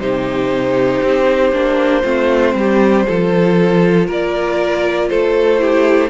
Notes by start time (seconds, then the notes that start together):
0.00 C3 D#4 G4 C5
1.03 C4
1.53 A#3 D4
2.03 A3 C4 F4
2.55 G3 G4
3.07 F3 F4 A4
4.07 A#3 A#4 D5
5.09 A3 A4 C5
5.59 E4 G4